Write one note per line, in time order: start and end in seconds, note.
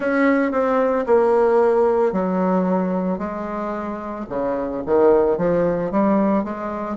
0.00 0.51 C#4
0.51 1.05 C4
1.06 2.12 A#3
2.12 3.18 F#3
3.18 4.25 G#3
4.29 4.82 C#3
4.86 5.37 D#3
5.37 5.91 F3
5.91 6.44 G3
6.44 6.96 G#3